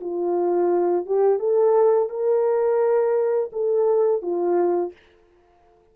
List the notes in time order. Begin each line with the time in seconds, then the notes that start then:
0.00 F4
1.06 G4
1.39 A4
2.09 A#4
3.52 A4
4.22 F4